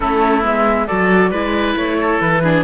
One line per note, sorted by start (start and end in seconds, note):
0.00 0.44 A3
0.00 0.42 C#4
0.00 0.87 E4
0.00 0.44 A4
0.42 0.88 G#3
0.42 0.86 B3
0.42 0.87 E5
0.87 1.31 F#3
0.87 1.33 F#4
0.87 1.30 A4
0.87 1.75 D5
1.30 1.75 G#3
1.30 2.43 E4
1.30 1.96 B4
1.76 2.20 A3
1.76 2.20 C#5
2.00 2.42 A4
2.20 2.64 E3
2.20 2.64 B4
2.42 2.64 D4
2.42 2.64 G#4